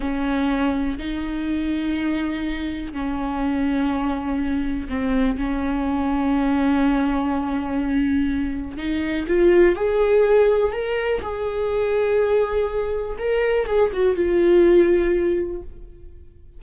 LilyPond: \new Staff \with { instrumentName = "viola" } { \time 4/4 \tempo 4 = 123 cis'2 dis'2~ | dis'2 cis'2~ | cis'2 c'4 cis'4~ | cis'1~ |
cis'2 dis'4 f'4 | gis'2 ais'4 gis'4~ | gis'2. ais'4 | gis'8 fis'8 f'2. | }